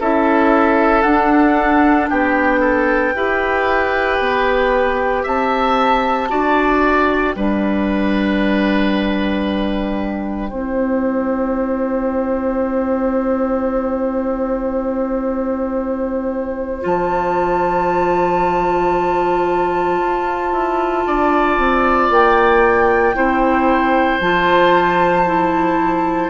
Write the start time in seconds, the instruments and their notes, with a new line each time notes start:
0.00 bassoon C#4, clarinet E4, oboe A4, flute E5
1.02 clarinet D4, bassoon D4, flute F#5
2.10 bassoon B3, oboe G4, flute G5
2.60 oboe A4
3.14 bassoon E4, clarinet G4, oboe B4
4.19 bassoon B3
5.23 bassoon C4, oboe E5, flute A5
6.29 bassoon D4, clarinet F#4, oboe D5
6.80 flute G5
7.36 bassoon G3, clarinet D4, oboe B4
10.50 bassoon C4, clarinet E4, oboe C5
16.81 bassoon F3, clarinet F4, flute A5
20.01 bassoon F4
20.52 bassoon E4
21.07 bassoon D4, oboe D5
21.58 bassoon C4
22.10 bassoon A#3, flute G5
23.14 bassoon C4, clarinet E4, oboe C5
24.20 bassoon F3, clarinet F4, flute A5
25.26 clarinet E4